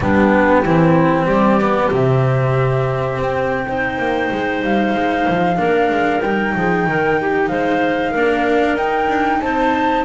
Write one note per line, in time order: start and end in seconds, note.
0.00 0.63 G3
0.00 0.65 B3
0.00 0.62 D4
0.00 1.26 G4
0.62 1.25 E3
0.62 1.60 C4
0.62 1.25 E4
1.25 1.89 G3
1.25 3.65 G4
1.25 1.89 D5
1.60 1.91 B3
1.91 3.18 C3
1.91 3.66 C4
1.91 3.21 E5
3.18 3.98 C4
3.18 4.63 G5
3.68 5.56 D#4
3.68 5.57 C5
3.98 4.30 A#3
4.31 4.62 G#3
4.62 4.94 G3
4.62 6.20 F5
4.94 5.26 G#3
5.28 5.58 F3
5.56 5.90 A#3
5.56 6.20 D4
5.56 6.53 A#4
5.90 6.22 G#3
6.20 6.54 G3
6.20 8.14 D#4
6.20 7.48 G5
6.55 6.86 F3
6.55 6.87 G#4
6.86 7.50 D#3
6.86 7.19 A#4
7.20 7.49 G4
7.48 8.14 G#3
7.48 8.11 C5
7.48 8.75 F5
8.11 8.75 A#3
8.11 8.78 D4
8.11 9.38 A#4
8.75 9.07 D#4
8.75 10.05 D#4
8.75 9.40 G5
9.08 9.39 D4
9.40 10.05 C4
9.40 10.05 C5
9.40 10.04 A5